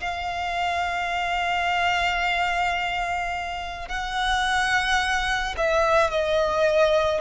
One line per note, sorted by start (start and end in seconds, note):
0.00 3.88 F5
3.88 5.55 F#5
5.57 6.11 E5
6.11 7.20 D#5